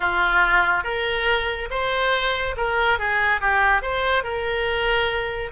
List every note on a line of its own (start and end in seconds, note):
0.00 0.83 F4
0.83 1.68 A#4
1.70 2.55 C5
2.56 2.98 A#4
2.98 3.40 G#4
3.40 3.82 G4
3.82 4.23 C5
4.23 5.51 A#4